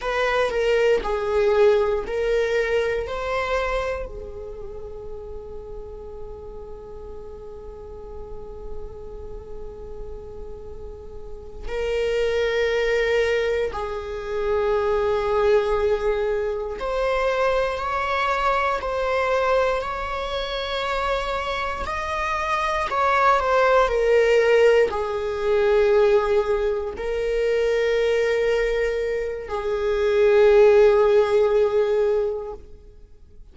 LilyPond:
\new Staff \with { instrumentName = "viola" } { \time 4/4 \tempo 4 = 59 b'8 ais'8 gis'4 ais'4 c''4 | gis'1~ | gis'2.~ gis'8 ais'8~ | ais'4. gis'2~ gis'8~ |
gis'8 c''4 cis''4 c''4 cis''8~ | cis''4. dis''4 cis''8 c''8 ais'8~ | ais'8 gis'2 ais'4.~ | ais'4 gis'2. | }